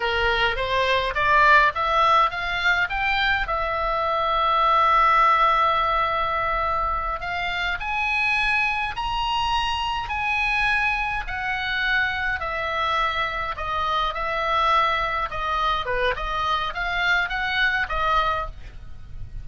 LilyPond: \new Staff \with { instrumentName = "oboe" } { \time 4/4 \tempo 4 = 104 ais'4 c''4 d''4 e''4 | f''4 g''4 e''2~ | e''1~ | e''8 f''4 gis''2 ais''8~ |
ais''4. gis''2 fis''8~ | fis''4. e''2 dis''8~ | dis''8 e''2 dis''4 b'8 | dis''4 f''4 fis''4 dis''4 | }